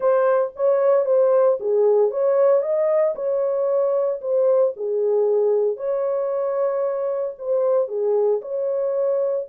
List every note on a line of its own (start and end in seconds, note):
0.00 0.51 C5
0.56 1.05 C#5
1.05 1.58 C5
1.59 2.11 G#4
2.11 2.61 C#5
2.61 3.14 D#5
3.15 4.20 C#5
4.21 4.73 C5
4.76 5.77 G#4
5.77 7.34 C#5
7.38 7.88 C5
7.88 8.40 G#4
8.41 9.46 C#5